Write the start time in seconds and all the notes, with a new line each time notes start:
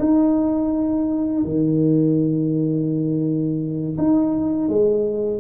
0.00 D#4
1.45 D#3
3.98 D#4
4.69 G#3